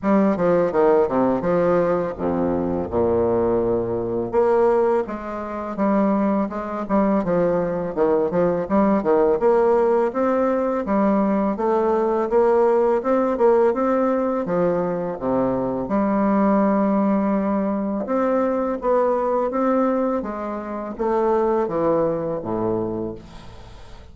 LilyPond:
\new Staff \with { instrumentName = "bassoon" } { \time 4/4 \tempo 4 = 83 g8 f8 dis8 c8 f4 f,4 | ais,2 ais4 gis4 | g4 gis8 g8 f4 dis8 f8 | g8 dis8 ais4 c'4 g4 |
a4 ais4 c'8 ais8 c'4 | f4 c4 g2~ | g4 c'4 b4 c'4 | gis4 a4 e4 a,4 | }